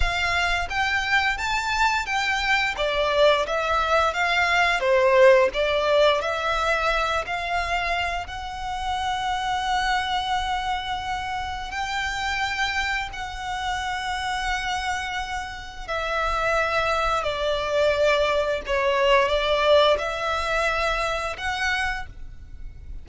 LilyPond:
\new Staff \with { instrumentName = "violin" } { \time 4/4 \tempo 4 = 87 f''4 g''4 a''4 g''4 | d''4 e''4 f''4 c''4 | d''4 e''4. f''4. | fis''1~ |
fis''4 g''2 fis''4~ | fis''2. e''4~ | e''4 d''2 cis''4 | d''4 e''2 fis''4 | }